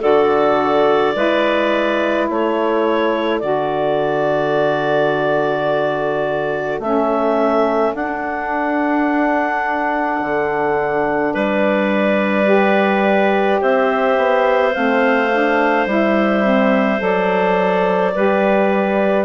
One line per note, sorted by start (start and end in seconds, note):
0.00 1.15 D3
0.00 1.13 F#4
0.00 1.13 A4
0.00 2.28 D5
1.14 2.28 G#3
1.14 3.40 E4
1.14 2.29 B4
2.29 3.42 A3
2.29 11.33 A4
2.29 3.39 C#5
3.39 6.79 D3
3.39 6.80 F#4
3.39 6.79 D5
6.79 7.92 A3
6.79 7.95 C#4
6.79 7.94 E5
7.94 10.20 D4
7.94 12.44 D4
7.94 11.34 F#5
10.20 11.33 D3
11.33 13.61 G3
11.33 13.59 B4
11.33 13.61 D5
12.44 14.71 G4
13.61 14.17 C4
13.61 18.13 C5
13.61 14.73 E5
14.17 14.74 B3
14.73 15.86 A3
14.73 15.30 C4
14.73 15.86 F5
15.32 15.87 D4
15.86 16.99 G3
15.86 16.43 E4
15.86 17.02 E5
16.43 16.98 C4
16.98 18.14 F#3
16.98 18.12 A4
16.98 19.25 D5
18.14 19.25 G3
18.14 19.25 G4
18.14 19.25 B4